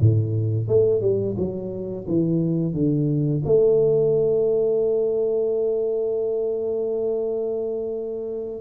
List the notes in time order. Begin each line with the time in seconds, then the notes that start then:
0.00 A2
0.68 A3
1.01 G3
1.37 F#3
2.07 E3
2.73 D3
3.45 A3